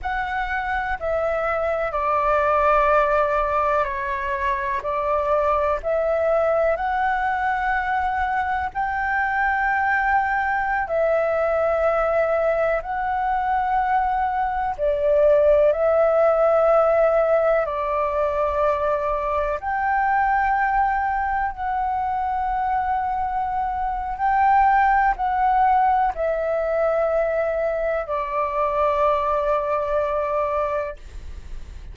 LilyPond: \new Staff \with { instrumentName = "flute" } { \time 4/4 \tempo 4 = 62 fis''4 e''4 d''2 | cis''4 d''4 e''4 fis''4~ | fis''4 g''2~ g''16 e''8.~ | e''4~ e''16 fis''2 d''8.~ |
d''16 e''2 d''4.~ d''16~ | d''16 g''2 fis''4.~ fis''16~ | fis''4 g''4 fis''4 e''4~ | e''4 d''2. | }